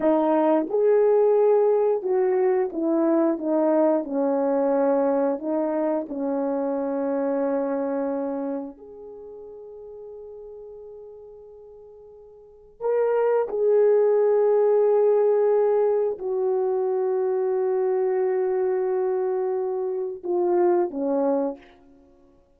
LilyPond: \new Staff \with { instrumentName = "horn" } { \time 4/4 \tempo 4 = 89 dis'4 gis'2 fis'4 | e'4 dis'4 cis'2 | dis'4 cis'2.~ | cis'4 gis'2.~ |
gis'2. ais'4 | gis'1 | fis'1~ | fis'2 f'4 cis'4 | }